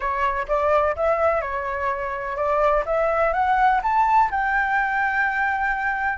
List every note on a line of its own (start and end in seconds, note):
0.00 0.46 C#5
0.47 0.95 D5
0.95 1.41 E5
1.41 2.36 C#5
2.36 2.84 D5
2.85 3.33 E5
3.33 3.81 F#5
3.82 4.30 A5
4.30 6.18 G5